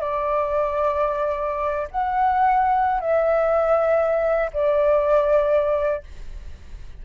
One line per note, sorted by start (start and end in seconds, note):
0.00 1.88 D5
1.90 3.00 F#5
3.00 4.50 E5
4.53 6.03 D5